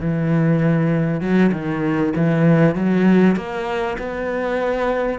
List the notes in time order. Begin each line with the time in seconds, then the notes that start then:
0.00 E3
1.21 F#3
1.52 D#3
2.16 E3
2.75 F#3
3.36 A#3
3.98 B3